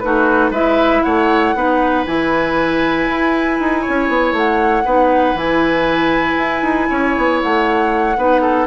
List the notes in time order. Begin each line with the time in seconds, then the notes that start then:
0.00 A3 D#4 F#4 B4
0.51 G#3 E4 B4 E5
1.03 A3 C#5 F#5
1.55 B3 D#4 B4
2.06 E3 E4 G#5
3.09 E4
3.60 D#4
3.81 C#5
3.89 C#4
4.09 B3
4.32 A3 F#5
4.85 B3 D#4 B4
5.35 E3 E4 G#5
6.38 E4
6.63 D#4
6.90 C#4 C#5
7.17 B3
7.43 A3 F#5
8.17 B3 D#4 B4
8.42 A4